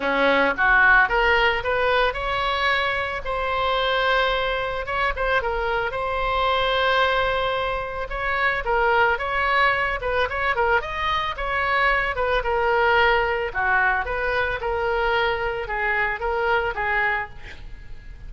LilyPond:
\new Staff \with { instrumentName = "oboe" } { \time 4/4 \tempo 4 = 111 cis'4 fis'4 ais'4 b'4 | cis''2 c''2~ | c''4 cis''8 c''8 ais'4 c''4~ | c''2. cis''4 |
ais'4 cis''4. b'8 cis''8 ais'8 | dis''4 cis''4. b'8 ais'4~ | ais'4 fis'4 b'4 ais'4~ | ais'4 gis'4 ais'4 gis'4 | }